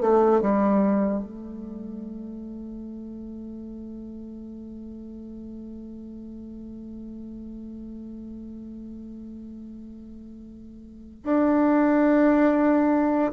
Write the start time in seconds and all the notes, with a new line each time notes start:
0.00 A3
0.41 G3
1.23 A3
11.23 D4